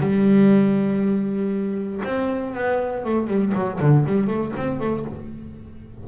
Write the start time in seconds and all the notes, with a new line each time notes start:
0.00 G3
2.04 C4
2.55 B3
3.05 A3
3.27 G3
3.54 F#3
3.80 D3
4.06 G3
4.27 A3
4.56 C4
4.80 A3